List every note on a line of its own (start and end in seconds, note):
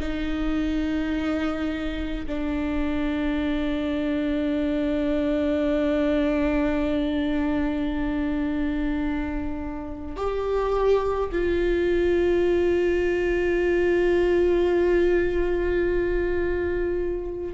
0.00 2.26 D#4
2.27 10.17 D4
10.17 11.30 G4
11.32 17.54 F4